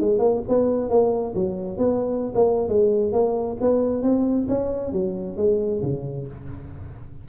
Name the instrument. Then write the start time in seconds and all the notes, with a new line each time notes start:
tuba
0.00 G#3
0.19 A#3
0.48 B3
0.90 A#3
1.35 F#3
1.77 B3
2.35 A#3
2.68 G#3
3.12 A#3
3.61 B3
4.02 C4
4.48 C#4
4.92 F#3
5.36 G#3
5.82 C#3